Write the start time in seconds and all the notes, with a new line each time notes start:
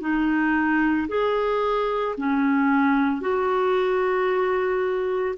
0.00 D#4
1.08 G#4
2.17 C#4
3.20 F#4